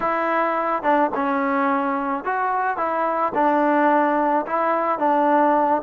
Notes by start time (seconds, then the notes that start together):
0.00 E4
0.82 D4
1.14 C#4
2.24 F#4
2.77 E4
3.34 D4
4.46 E4
4.98 D4